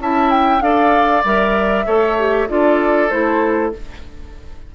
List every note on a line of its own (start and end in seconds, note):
0.00 0.61 C#4
0.00 0.62 E4
0.00 0.64 E5
0.00 0.31 A5
0.31 0.62 G5
0.61 1.23 D4
0.61 1.24 A4
0.61 1.87 D5
0.61 1.24 F5
1.25 1.87 G3
1.25 1.87 A#4
1.25 2.49 E5
1.87 2.49 A3
1.87 2.18 A4
1.87 2.48 C#5
2.19 2.48 G4
2.48 3.11 D4
2.48 3.10 F4
2.48 3.75 A4
2.48 3.10 D5
3.10 3.73 A3
3.10 3.72 E4
3.10 3.72 C5